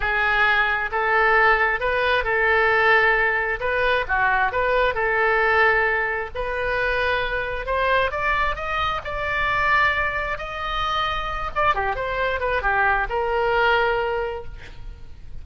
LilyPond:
\new Staff \with { instrumentName = "oboe" } { \time 4/4 \tempo 4 = 133 gis'2 a'2 | b'4 a'2. | b'4 fis'4 b'4 a'4~ | a'2 b'2~ |
b'4 c''4 d''4 dis''4 | d''2. dis''4~ | dis''4. d''8 g'8 c''4 b'8 | g'4 ais'2. | }